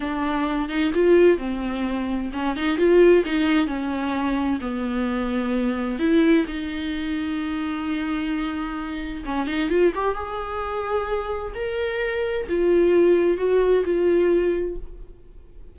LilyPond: \new Staff \with { instrumentName = "viola" } { \time 4/4 \tempo 4 = 130 d'4. dis'8 f'4 c'4~ | c'4 cis'8 dis'8 f'4 dis'4 | cis'2 b2~ | b4 e'4 dis'2~ |
dis'1 | cis'8 dis'8 f'8 g'8 gis'2~ | gis'4 ais'2 f'4~ | f'4 fis'4 f'2 | }